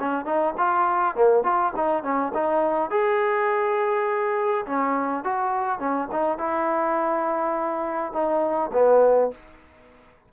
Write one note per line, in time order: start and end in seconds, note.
0.00 0.25 C#4
0.25 0.55 D#4
0.58 1.16 F4
1.16 1.44 A#3
1.44 1.73 F4
1.77 2.04 D#4
2.04 2.33 C#4
2.35 2.91 D#4
2.91 4.65 G#4
4.67 5.25 C#4
5.25 5.80 F#4
5.80 6.09 C#4
6.12 6.38 D#4
6.38 8.13 E4
8.13 8.71 D#4
8.73 9.32 B3